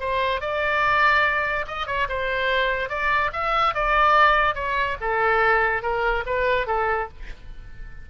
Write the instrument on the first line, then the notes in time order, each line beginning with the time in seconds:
oboe
0.00 C5
0.41 D5
1.67 D#5
1.87 C#5
2.09 C5
2.89 D5
3.33 E5
3.74 D5
4.55 C#5
5.01 A4
5.82 A#4
6.26 B4
6.67 A4